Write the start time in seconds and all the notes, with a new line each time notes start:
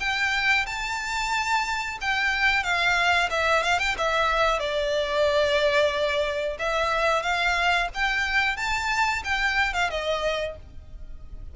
0.00 G5
0.66 A5
2.01 G5
2.63 F5
3.30 E5
3.63 F5
3.79 G5
3.98 E5
4.59 D5
6.59 E5
7.22 F5
7.94 G5
8.57 A5
9.24 G5
9.73 F5
9.90 D#5